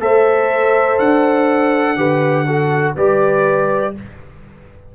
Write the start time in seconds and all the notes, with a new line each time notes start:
0.00 A3 A4 C5 E5
0.99 D4 F#5
1.96 D3 G4 B4
2.46 F#4 A4
2.96 G3 G4 B4 D5